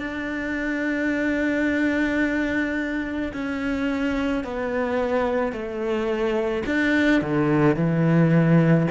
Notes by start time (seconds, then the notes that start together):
0.00 D4
3.34 C#4
4.44 B3
5.53 A3
6.67 D4
7.22 D3
7.76 E3